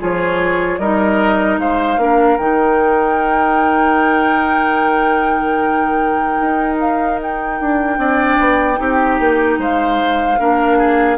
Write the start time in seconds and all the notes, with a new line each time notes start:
0.00 F3 F4 G#4 C#5
0.79 G3 D#4 A#4 D#5
1.58 G#3 C5 F5
1.98 A#3 D4 A#4
2.38 D#3 D#4 G5
6.42 D#4
6.80 F5
7.23 G5
7.61 D4
7.96 C4 D4 D5
8.39 B3
8.76 C4 D#4 G4
9.20 A#3
9.58 G#3 C5 F5
10.40 A#3 D4 A#4
10.78 G#4